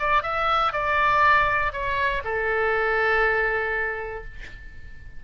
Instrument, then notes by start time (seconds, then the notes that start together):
oboe
0.00 D5
0.23 E5
0.73 D5
1.73 C#5
2.25 A4